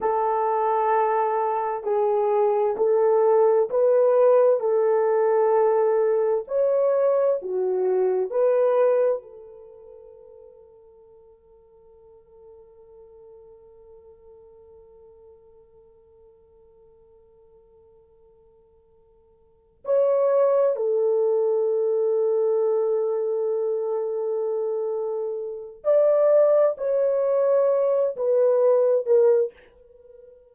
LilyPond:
\new Staff \with { instrumentName = "horn" } { \time 4/4 \tempo 4 = 65 a'2 gis'4 a'4 | b'4 a'2 cis''4 | fis'4 b'4 a'2~ | a'1~ |
a'1~ | a'4. cis''4 a'4.~ | a'1 | d''4 cis''4. b'4 ais'8 | }